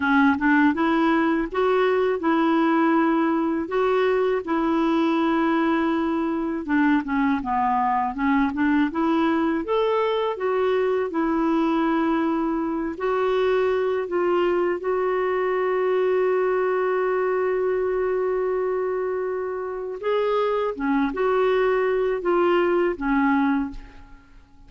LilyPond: \new Staff \with { instrumentName = "clarinet" } { \time 4/4 \tempo 4 = 81 cis'8 d'8 e'4 fis'4 e'4~ | e'4 fis'4 e'2~ | e'4 d'8 cis'8 b4 cis'8 d'8 | e'4 a'4 fis'4 e'4~ |
e'4. fis'4. f'4 | fis'1~ | fis'2. gis'4 | cis'8 fis'4. f'4 cis'4 | }